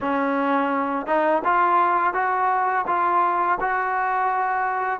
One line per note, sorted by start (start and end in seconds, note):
0.01 1.06 C#4
1.06 1.42 D#4
1.44 2.13 F4
2.13 2.85 F#4
2.86 3.58 F4
3.60 4.99 F#4